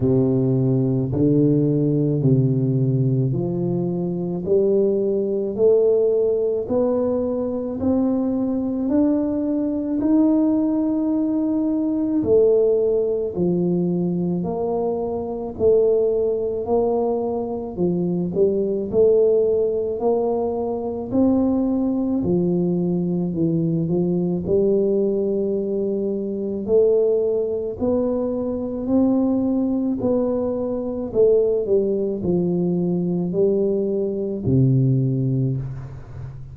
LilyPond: \new Staff \with { instrumentName = "tuba" } { \time 4/4 \tempo 4 = 54 c4 d4 c4 f4 | g4 a4 b4 c'4 | d'4 dis'2 a4 | f4 ais4 a4 ais4 |
f8 g8 a4 ais4 c'4 | f4 e8 f8 g2 | a4 b4 c'4 b4 | a8 g8 f4 g4 c4 | }